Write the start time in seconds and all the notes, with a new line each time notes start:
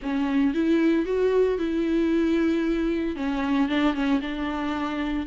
0.02 C#4
0.54 E4
1.05 F#4
1.58 E4
3.16 C#4
3.68 D4
3.94 C#4
4.21 D4